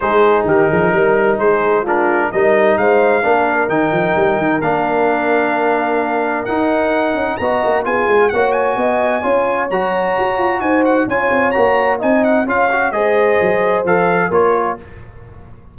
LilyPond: <<
  \new Staff \with { instrumentName = "trumpet" } { \time 4/4 \tempo 4 = 130 c''4 ais'2 c''4 | ais'4 dis''4 f''2 | g''2 f''2~ | f''2 fis''2 |
ais''4 gis''4 fis''8 gis''4.~ | gis''4 ais''2 gis''8 fis''8 | gis''4 ais''4 gis''8 fis''8 f''4 | dis''2 f''4 cis''4 | }
  \new Staff \with { instrumentName = "horn" } { \time 4/4 gis'4 g'8 gis'8 ais'4 gis'4 | f'4 ais'4 c''4 ais'4~ | ais'1~ | ais'1 |
dis''4 gis'4 cis''4 dis''4 | cis''2. c''4 | cis''2 dis''4 cis''4 | c''2. ais'4 | }
  \new Staff \with { instrumentName = "trombone" } { \time 4/4 dis'1 | d'4 dis'2 d'4 | dis'2 d'2~ | d'2 dis'2 |
fis'4 f'4 fis'2 | f'4 fis'2. | f'4 fis'4 dis'4 f'8 fis'8 | gis'2 a'4 f'4 | }
  \new Staff \with { instrumentName = "tuba" } { \time 4/4 gis4 dis8 f8 g4 gis4~ | gis4 g4 gis4 ais4 | dis8 f8 g8 dis8 ais2~ | ais2 dis'4. cis'8 |
b8 ais8 b8 gis8 ais4 b4 | cis'4 fis4 fis'8 f'8 dis'4 | cis'8 c'8 ais4 c'4 cis'4 | gis4 fis4 f4 ais4 | }
>>